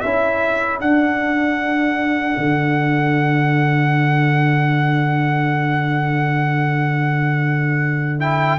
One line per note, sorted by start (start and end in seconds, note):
0.00 0.81 C#4
0.00 0.82 E4
0.00 8.58 A4
0.00 0.78 E5
0.81 2.36 D4
0.81 8.19 D4
0.81 8.20 F#5
2.37 8.58 D3
8.19 8.58 E4
8.19 8.58 G5